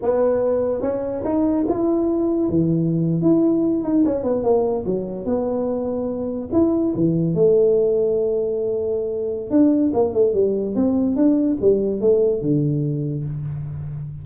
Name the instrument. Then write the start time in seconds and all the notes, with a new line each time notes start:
tuba
0.02 B3
0.81 C#4
1.24 D#4
1.68 E4
2.49 E3
3.21 E4
3.83 D#4
4.05 C#4
4.23 B3
4.43 A#3
4.85 F#3
5.25 B3
6.52 E4
6.95 E3
7.34 A3
9.50 D4
9.93 A#3
10.13 A3
10.33 G3
10.75 C4
11.16 D4
11.61 G3
12.00 A3
12.41 D3